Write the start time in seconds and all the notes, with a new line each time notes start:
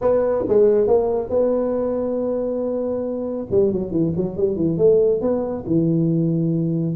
0.01 B3
0.48 G#3
0.87 A#3
1.29 B3
3.50 G3
3.72 F#3
3.91 E3
4.16 F#3
4.36 G3
4.56 E3
4.77 A3
5.21 B3
5.66 E3